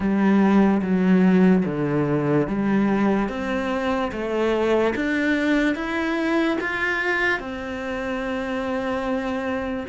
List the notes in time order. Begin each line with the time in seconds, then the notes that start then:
0.00 G3
0.82 F#3
1.65 D3
2.47 G3
3.29 C4
4.11 A3
4.95 D4
5.75 E4
6.61 F4
7.39 C4